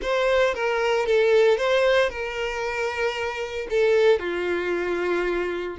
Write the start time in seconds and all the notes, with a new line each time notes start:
0.02 C5
0.54 A#4
1.06 A4
1.57 C5
2.09 A#4
3.70 A4
4.19 F4